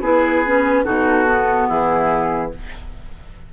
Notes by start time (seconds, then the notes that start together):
0.00 B3 E4 G#4 B4
0.47 C#4
0.85 B2 D#4 F#4 A4
1.26 B3
1.69 E3 E4 G#4